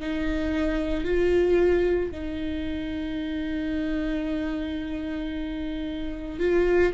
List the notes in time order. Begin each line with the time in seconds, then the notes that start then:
0.00 D#4
1.04 F4
2.11 D#4
6.39 F4